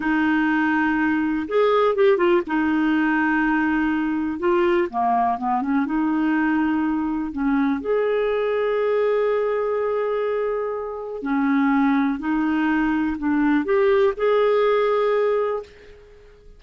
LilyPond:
\new Staff \with { instrumentName = "clarinet" } { \time 4/4 \tempo 4 = 123 dis'2. gis'4 | g'8 f'8 dis'2.~ | dis'4 f'4 ais4 b8 cis'8 | dis'2. cis'4 |
gis'1~ | gis'2. cis'4~ | cis'4 dis'2 d'4 | g'4 gis'2. | }